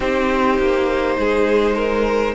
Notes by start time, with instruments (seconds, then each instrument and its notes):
0.00 cello C4, viola D#4, violin G4 C5
0.58 cello A#3
1.18 cello G#3, violin G#4
1.75 violin A#4